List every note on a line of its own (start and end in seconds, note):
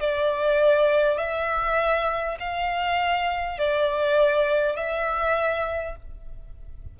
0.00 1.17 D5
1.17 2.37 E5
2.39 3.58 F5
3.58 4.76 D5
4.76 5.96 E5